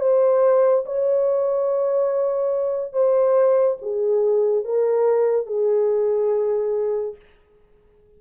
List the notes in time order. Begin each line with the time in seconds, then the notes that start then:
0.00 C5
0.86 C#5
2.93 C5
3.82 G#4
4.64 A#4
5.47 G#4